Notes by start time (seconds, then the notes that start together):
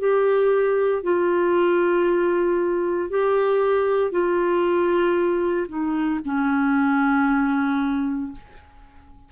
0.00 G4
1.03 F4
3.10 G4
4.11 F4
5.68 D#4
6.25 C#4